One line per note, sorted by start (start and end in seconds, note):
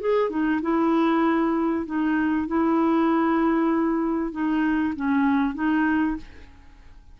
0.00 0.30 G#4
0.30 0.60 D#4
0.62 1.86 E4
1.86 2.47 D#4
2.47 4.32 E4
4.32 4.93 D#4
4.96 5.54 C#4
5.54 6.16 D#4